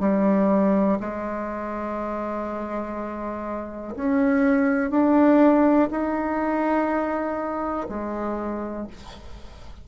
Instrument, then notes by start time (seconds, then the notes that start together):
bassoon
0.00 G3
1.00 G#3
3.96 C#4
4.90 D4
5.91 D#4
7.89 G#3